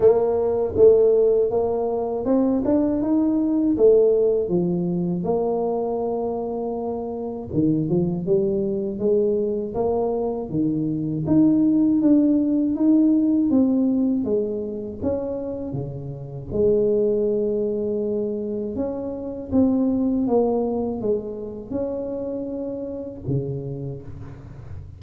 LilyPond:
\new Staff \with { instrumentName = "tuba" } { \time 4/4 \tempo 4 = 80 ais4 a4 ais4 c'8 d'8 | dis'4 a4 f4 ais4~ | ais2 dis8 f8 g4 | gis4 ais4 dis4 dis'4 |
d'4 dis'4 c'4 gis4 | cis'4 cis4 gis2~ | gis4 cis'4 c'4 ais4 | gis4 cis'2 cis4 | }